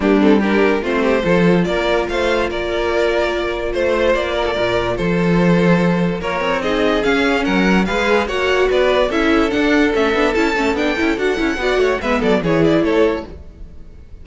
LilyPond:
<<
  \new Staff \with { instrumentName = "violin" } { \time 4/4 \tempo 4 = 145 g'8 a'8 ais'4 c''2 | d''4 f''4 d''2~ | d''4 c''4 d''2 | c''2. cis''4 |
dis''4 f''4 fis''4 f''4 | fis''4 d''4 e''4 fis''4 | e''4 a''4 g''4 fis''4~ | fis''4 e''8 d''8 cis''8 d''8 cis''4 | }
  \new Staff \with { instrumentName = "violin" } { \time 4/4 d'4 g'4 f'8 g'8 a'4 | ais'4 c''4 ais'2~ | ais'4 c''4. ais'16 a'16 ais'4 | a'2. ais'4 |
gis'2 ais'4 b'4 | cis''4 b'4 a'2~ | a'1 | d''8 cis''8 b'8 a'8 gis'4 a'4 | }
  \new Staff \with { instrumentName = "viola" } { \time 4/4 ais8 c'8 d'4 c'4 f'4~ | f'1~ | f'1~ | f'1 |
dis'4 cis'2 gis'4 | fis'2 e'4 d'4 | cis'8 d'8 e'8 cis'8 d'8 e'8 fis'8 e'8 | fis'4 b4 e'2 | }
  \new Staff \with { instrumentName = "cello" } { \time 4/4 g2 a4 f4 | ais4 a4 ais2~ | ais4 a4 ais4 ais,4 | f2. ais8 c'8~ |
c'4 cis'4 fis4 gis4 | ais4 b4 cis'4 d'4 | a8 b8 cis'8 a8 b8 cis'8 d'8 cis'8 | b8 a8 gis8 fis8 e4 a4 | }
>>